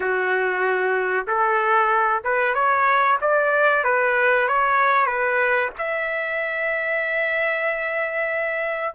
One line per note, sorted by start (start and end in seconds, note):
0.00 1.26 F#4
1.27 2.23 A4
2.23 2.54 B4
2.54 3.18 C#5
3.21 3.84 D5
3.84 4.47 B4
4.47 5.06 C#5
5.06 5.70 B4
5.78 8.94 E5